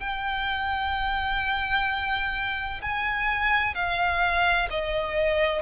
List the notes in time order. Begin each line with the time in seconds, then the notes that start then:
0.00 G5
2.82 G#5
3.75 F5
4.70 D#5